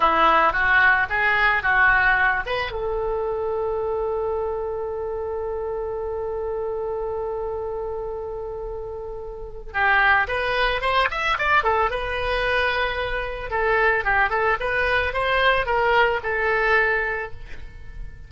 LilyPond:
\new Staff \with { instrumentName = "oboe" } { \time 4/4 \tempo 4 = 111 e'4 fis'4 gis'4 fis'4~ | fis'8 b'8 a'2.~ | a'1~ | a'1~ |
a'2 g'4 b'4 | c''8 e''8 d''8 a'8 b'2~ | b'4 a'4 g'8 a'8 b'4 | c''4 ais'4 a'2 | }